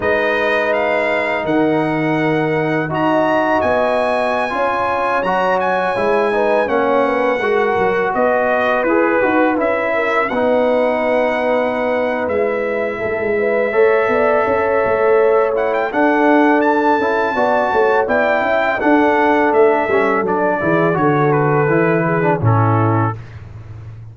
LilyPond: <<
  \new Staff \with { instrumentName = "trumpet" } { \time 4/4 \tempo 4 = 83 dis''4 f''4 fis''2 | ais''4 gis''2~ gis''16 ais''8 gis''16~ | gis''4~ gis''16 fis''2 dis''8.~ | dis''16 b'4 e''4 fis''4.~ fis''16~ |
fis''4 e''2.~ | e''4. fis''16 g''16 fis''4 a''4~ | a''4 g''4 fis''4 e''4 | d''4 cis''8 b'4. a'4 | }
  \new Staff \with { instrumentName = "horn" } { \time 4/4 b'2 ais'2 | dis''2~ dis''16 cis''4.~ cis''16~ | cis''8. b'8 cis''8 b'8 ais'4 b'8.~ | b'4.~ b'16 ais'8 b'4.~ b'16~ |
b'2 a'8 b'8 cis''8 d''8 | cis''2 a'2 | d''8 cis''8 d''8 e''8 a'2~ | a'8 gis'8 a'4. gis'8 e'4 | }
  \new Staff \with { instrumentName = "trombone" } { \time 4/4 dis'1 | fis'2~ fis'16 f'4 fis'8.~ | fis'16 e'8 dis'8 cis'4 fis'4.~ fis'16~ | fis'16 gis'8 fis'8 e'4 dis'4.~ dis'16~ |
dis'4 e'2 a'4~ | a'4. e'8 d'4. e'8 | fis'4 e'4 d'4. cis'8 | d'8 e'8 fis'4 e'8. d'16 cis'4 | }
  \new Staff \with { instrumentName = "tuba" } { \time 4/4 gis2 dis2 | dis'4 b4~ b16 cis'4 fis8.~ | fis16 gis4 ais4 gis8 fis8 b8.~ | b16 e'8 dis'8 cis'4 b4.~ b16~ |
b4 gis4 a16 gis8. a8 b8 | cis'8 a4. d'4. cis'8 | b8 a8 b8 cis'8 d'4 a8 g8 | fis8 e8 d4 e4 a,4 | }
>>